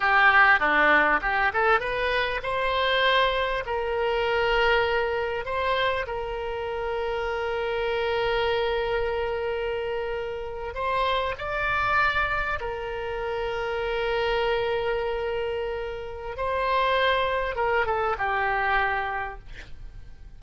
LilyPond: \new Staff \with { instrumentName = "oboe" } { \time 4/4 \tempo 4 = 99 g'4 d'4 g'8 a'8 b'4 | c''2 ais'2~ | ais'4 c''4 ais'2~ | ais'1~ |
ais'4.~ ais'16 c''4 d''4~ d''16~ | d''8. ais'2.~ ais'16~ | ais'2. c''4~ | c''4 ais'8 a'8 g'2 | }